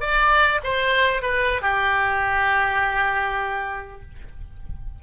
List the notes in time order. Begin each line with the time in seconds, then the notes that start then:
0.00 D5
0.63 C5
1.22 B4
1.61 G4